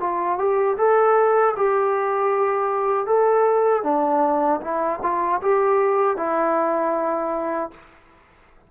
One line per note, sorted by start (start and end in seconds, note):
0.00 0.38 F4
0.38 0.77 G4
0.78 1.55 A4
1.57 3.06 G4
3.06 3.84 A4
3.84 4.60 D4
4.61 5.00 E4
5.02 5.41 F4
5.41 6.17 G4
6.17 7.71 E4